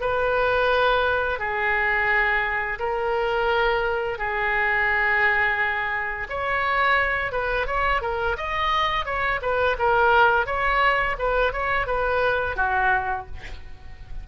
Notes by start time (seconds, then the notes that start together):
0.00 B4
1.39 G#4
2.78 A#4
4.18 G#4
6.29 C#5
7.32 B4
7.66 C#5
8.01 A#4
8.37 D#5
9.05 C#5
9.41 B4
9.78 A#4
10.46 C#5
11.18 B4
11.52 C#5
11.86 B4
12.56 F#4